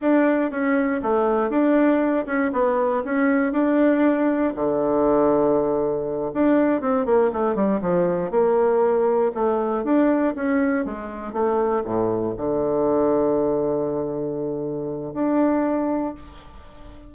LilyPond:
\new Staff \with { instrumentName = "bassoon" } { \time 4/4 \tempo 4 = 119 d'4 cis'4 a4 d'4~ | d'8 cis'8 b4 cis'4 d'4~ | d'4 d2.~ | d8 d'4 c'8 ais8 a8 g8 f8~ |
f8 ais2 a4 d'8~ | d'8 cis'4 gis4 a4 a,8~ | a,8 d2.~ d8~ | d2 d'2 | }